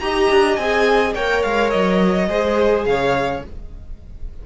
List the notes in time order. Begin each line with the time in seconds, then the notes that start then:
0.00 D#4 G4 D#5 A#5
0.30 D4
0.56 C4 G#4 G#5
1.15 A#3 A#4 C#5 G5
1.42 G#3 F5
1.70 F#3 D#5
2.28 G#3 G#4 C5
2.85 C#3 C#5 F5